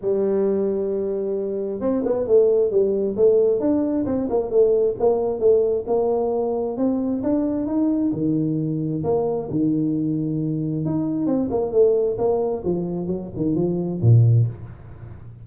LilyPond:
\new Staff \with { instrumentName = "tuba" } { \time 4/4 \tempo 4 = 133 g1 | c'8 b8 a4 g4 a4 | d'4 c'8 ais8 a4 ais4 | a4 ais2 c'4 |
d'4 dis'4 dis2 | ais4 dis2. | dis'4 c'8 ais8 a4 ais4 | f4 fis8 dis8 f4 ais,4 | }